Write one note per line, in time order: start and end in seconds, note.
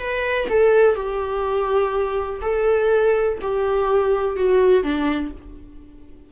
0.00 0.48 B4
0.49 0.95 A4
0.95 2.41 G4
2.42 3.38 A4
3.42 4.37 G4
4.37 4.84 F#4
4.84 5.32 D4